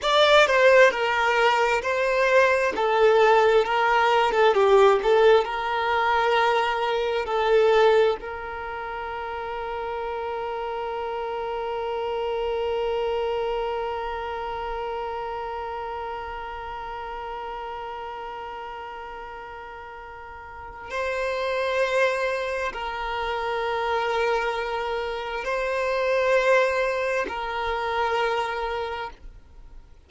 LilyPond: \new Staff \with { instrumentName = "violin" } { \time 4/4 \tempo 4 = 66 d''8 c''8 ais'4 c''4 a'4 | ais'8. a'16 g'8 a'8 ais'2 | a'4 ais'2.~ | ais'1~ |
ais'1~ | ais'2. c''4~ | c''4 ais'2. | c''2 ais'2 | }